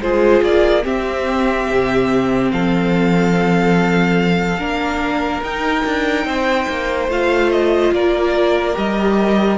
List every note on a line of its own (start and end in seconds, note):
0.00 0.42 G#3
0.00 0.83 F4
0.00 0.85 G#4
0.00 0.43 C5
0.43 0.84 A#3
0.43 0.85 D5
0.83 4.58 C4
0.83 1.70 C4
0.83 2.52 G4
0.83 2.51 E5
1.72 2.53 C3
2.51 4.59 F3
2.51 4.60 A4
2.51 5.43 F5
4.59 5.42 A#3
4.59 5.42 D4
4.59 6.27 A#4
5.43 5.84 D#4
5.43 7.10 D#4
5.43 7.10 G5
5.85 6.25 D4
6.25 6.67 C4
6.25 7.94 C5
6.69 7.08 A#3
7.08 7.91 A3
7.08 8.73 F4
7.08 7.52 F5
7.52 7.93 D#5
7.92 8.76 A#3
7.92 9.58 A#4
7.92 8.77 D5
8.73 9.58 G3
8.73 9.57 G4
8.73 9.58 D#5